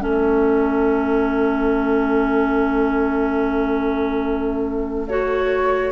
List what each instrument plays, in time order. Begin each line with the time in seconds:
0.00 bassoon A3, clarinet C#4, oboe A4, flute E5
5.08 clarinet F#4, flute C#5